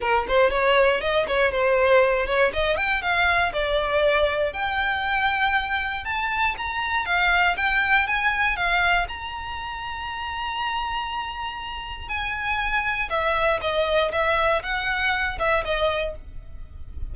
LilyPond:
\new Staff \with { instrumentName = "violin" } { \time 4/4 \tempo 4 = 119 ais'8 c''8 cis''4 dis''8 cis''8 c''4~ | c''8 cis''8 dis''8 g''8 f''4 d''4~ | d''4 g''2. | a''4 ais''4 f''4 g''4 |
gis''4 f''4 ais''2~ | ais''1 | gis''2 e''4 dis''4 | e''4 fis''4. e''8 dis''4 | }